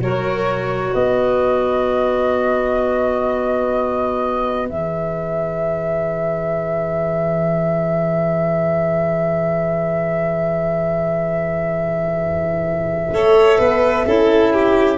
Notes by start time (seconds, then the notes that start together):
0.00 F#3 F#4 A#4 C#5
0.94 B3 B4 D#5
4.69 E3 G#4 E5
13.12 A3 A4 C#5
13.59 B3 B4
14.06 C#4 E4 A4
14.53 G4